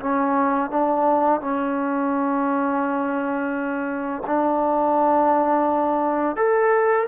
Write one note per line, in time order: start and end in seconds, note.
0.00 0.70 C#4
0.70 1.41 D4
1.41 4.23 C#4
4.27 6.37 D4
6.37 7.07 A4